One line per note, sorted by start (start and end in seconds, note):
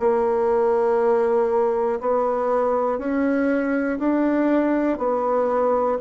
0.00 2.00 A#3
2.00 2.99 B3
2.99 3.99 C#4
3.99 4.99 D4
4.99 5.99 B3